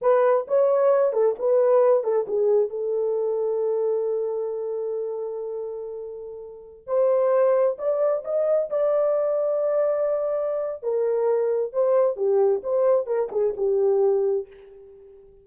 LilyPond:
\new Staff \with { instrumentName = "horn" } { \time 4/4 \tempo 4 = 133 b'4 cis''4. a'8 b'4~ | b'8 a'8 gis'4 a'2~ | a'1~ | a'2.~ a'16 c''8.~ |
c''4~ c''16 d''4 dis''4 d''8.~ | d''1 | ais'2 c''4 g'4 | c''4 ais'8 gis'8 g'2 | }